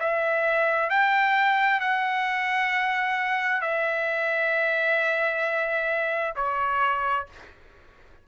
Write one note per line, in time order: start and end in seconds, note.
0.00 0.90 E5
0.90 1.80 G5
1.80 3.61 F#5
3.61 6.34 E5
6.36 7.26 C#5